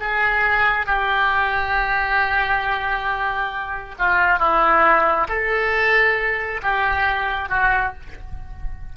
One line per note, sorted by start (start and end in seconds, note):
0.00 0.86 G#4
0.86 3.95 G4
3.98 4.39 F4
4.39 5.27 E4
5.29 6.61 A4
6.63 7.49 G4
7.49 7.93 F#4